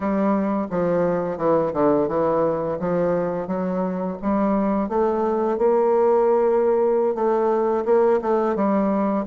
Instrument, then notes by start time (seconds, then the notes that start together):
bassoon
0.00 G3
0.70 F3
1.37 E3
1.73 D3
2.08 E3
2.79 F3
3.47 F#3
4.21 G3
4.88 A3
5.58 A#3
7.14 A3
7.85 A#3
8.21 A3
8.55 G3